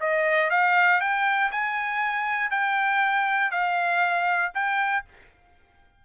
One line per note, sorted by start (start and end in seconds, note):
0.00 0.50 D#5
0.50 1.01 F5
1.01 1.51 G5
1.52 2.51 G#5
2.51 3.51 G5
3.51 4.52 F5
4.54 5.05 G5